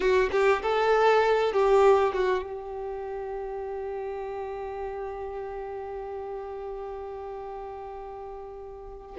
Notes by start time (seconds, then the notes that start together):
0.00 F#4
0.31 G4
0.62 A4
1.52 G4
2.13 F#4
2.43 G4